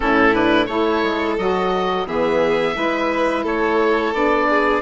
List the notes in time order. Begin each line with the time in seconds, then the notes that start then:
0.00 A2 C#4 E4 A4
0.33 D4 B4
0.66 A3 E4 A4 C#5
1.02 G#3
1.38 F#3 F#4 D#5
2.05 E3 B3 G#4 E5
2.74 G#3 E4 B4
3.43 A3 A4 C#5
4.13 B3 D4 D5
4.49 G#4